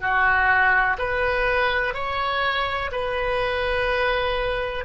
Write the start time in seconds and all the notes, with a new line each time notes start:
0.00 F#4
0.98 B4
1.94 C#5
2.92 B4